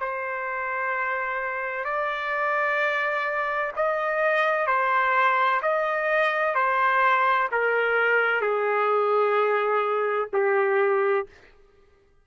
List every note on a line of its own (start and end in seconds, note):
0.00 1.84 C5
1.84 3.72 D5
3.76 4.67 D#5
4.67 5.60 C5
5.62 6.55 D#5
6.55 7.48 C5
7.51 8.41 A#4
8.41 10.29 G#4
10.33 11.26 G4